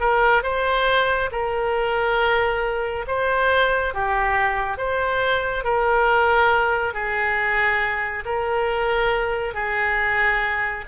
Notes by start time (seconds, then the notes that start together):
0.00 A#4
0.43 C5
1.32 A#4
3.07 C5
3.94 G4
4.78 C5
5.64 A#4
6.94 G#4
8.25 A#4
9.54 G#4